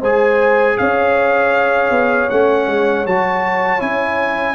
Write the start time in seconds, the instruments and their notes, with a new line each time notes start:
0.00 tuba G#3, trombone G#4, horn C5, trumpet G#5
0.78 tuba C#4, horn C#5, trumpet F5
1.90 tuba B3
2.30 tuba A3, trombone C#4, trumpet F#5
2.68 tuba G#3
3.06 tuba F#3, trombone F#4, trumpet A5
3.79 tuba C#4, trombone E4, trumpet G#5